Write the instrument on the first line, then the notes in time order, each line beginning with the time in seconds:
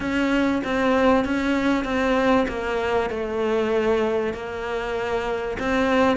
cello
0.00 C#4
0.64 C4
1.24 C#4
1.84 C4
2.47 A#3
3.10 A3
4.33 A#3
5.59 C4